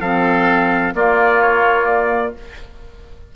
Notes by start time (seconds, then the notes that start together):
0.00 F3 C4 A4 F5
0.94 A#3 F4 D5
1.42 C#5
1.86 D5